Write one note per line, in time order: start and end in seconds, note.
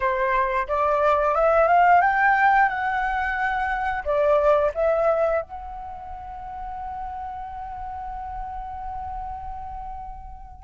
0.00 0.67 C5
0.67 1.35 D5
1.35 1.67 E5
1.67 2.01 F5
2.01 2.68 G5
2.68 4.03 F#5
4.04 4.71 D5
4.74 5.41 E5
5.41 10.63 F#5